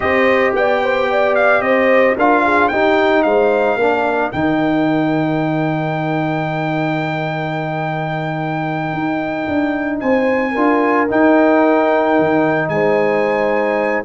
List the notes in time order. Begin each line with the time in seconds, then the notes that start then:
0.00 C4 G4 C5 D#5
0.54 B3 D5 G5
0.83 C5
1.10 D5
1.35 F5
1.60 C4 C5 D#5
2.16 D4 F4 A#4 F5
2.44 G#4
2.68 D#4 G4 G5
3.22 G#3 C5 F5
3.76 A#3 D4 A#4
4.32 D#3 D#4 G5
8.93 D#4
9.47 D4
10.00 C4 C5 G#5
10.51 D4 F4 A#4
11.07 D#4 G5
12.18 D#3
12.68 G#3 C5 G#5